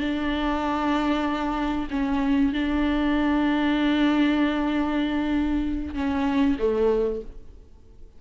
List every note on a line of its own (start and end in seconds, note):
0.00 1.88 D4
1.91 2.53 C#4
2.53 5.94 D4
5.94 6.57 C#4
6.59 7.21 A3